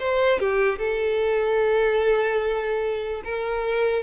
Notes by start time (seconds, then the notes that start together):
0.00 C5
0.39 G4
0.79 A4
3.25 A#4